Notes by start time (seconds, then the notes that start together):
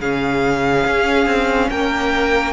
0.00 C#3 C#4 G#4 F5
0.86 C#4
1.26 C4
1.70 A#3 A#4 G5